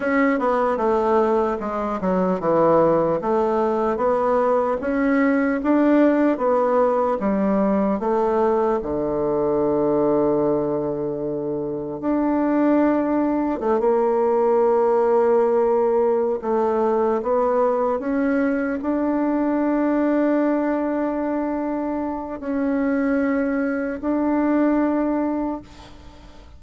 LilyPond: \new Staff \with { instrumentName = "bassoon" } { \time 4/4 \tempo 4 = 75 cis'8 b8 a4 gis8 fis8 e4 | a4 b4 cis'4 d'4 | b4 g4 a4 d4~ | d2. d'4~ |
d'4 a16 ais2~ ais8.~ | ais8 a4 b4 cis'4 d'8~ | d'1 | cis'2 d'2 | }